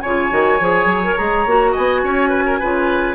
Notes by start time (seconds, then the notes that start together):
0.00 C#3 F4 C#5 G#5
0.30 D#3 F#4
0.60 F3 G#4
0.85 F#3
1.04 A#4
1.16 G#3 G#4 A#5
1.45 A#3 F#4
1.71 D#5 G#5
1.77 B3
2.03 C#4 C#5
2.29 B4
2.46 A#4
2.59 C#3 F4 B4